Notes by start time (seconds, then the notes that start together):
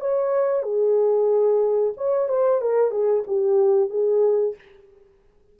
0.00 C#5
0.63 G#4
1.97 C#5
2.29 C5
2.61 A#4
2.91 G#4
3.27 G4
3.90 G#4